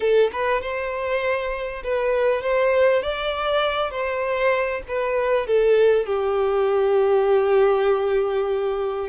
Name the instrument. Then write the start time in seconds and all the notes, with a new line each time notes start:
violin
0.00 A4
0.32 B4
0.61 C5
1.83 B4
2.42 C5
3.02 D5
3.90 C5
4.88 B4
5.46 A4
6.06 G4